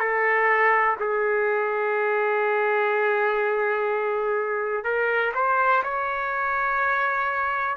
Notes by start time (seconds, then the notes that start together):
0.00 A4
1.00 G#4
4.84 A#4
5.35 C5
5.84 C#5